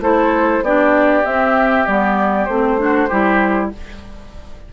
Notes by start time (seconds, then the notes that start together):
0.00 A3 E4 A4 C5
0.61 B3 D4 G4 D5
1.24 C4 E5
1.87 G3 B3 D5
2.45 A3 C4 C5
2.78 D4 F#4
3.09 G3 E4 G4